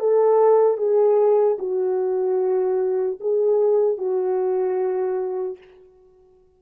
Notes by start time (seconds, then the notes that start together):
0.00 A4
0.77 G#4
1.59 F#4
3.20 G#4
3.98 F#4